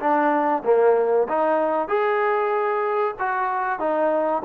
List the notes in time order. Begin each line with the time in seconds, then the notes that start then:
0.00 D4
0.64 A#3
1.29 D#4
1.88 G#4
3.19 F#4
3.80 D#4